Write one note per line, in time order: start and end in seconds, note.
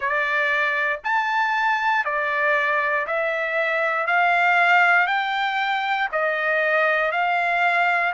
0.00 0.99 D5
1.04 2.04 A5
2.04 3.06 D5
3.06 4.07 E5
4.07 5.07 F5
5.07 6.08 G5
6.12 7.11 D#5
7.11 8.13 F5